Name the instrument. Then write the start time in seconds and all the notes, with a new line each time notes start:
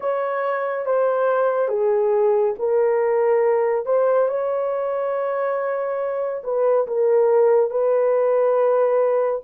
horn
0.00 C#5
0.85 C5
1.68 G#4
2.58 A#4
3.85 C5
4.28 C#5
6.43 B4
6.86 A#4
7.70 B4